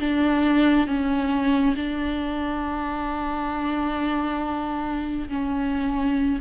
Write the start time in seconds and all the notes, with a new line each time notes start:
0.00 D4
0.87 C#4
1.76 D4
5.29 C#4